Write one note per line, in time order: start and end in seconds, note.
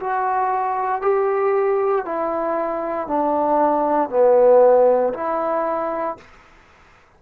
0.00 1.02 F#4
1.02 2.05 G4
2.05 3.08 E4
3.08 4.10 D4
4.10 5.13 B3
5.14 6.17 E4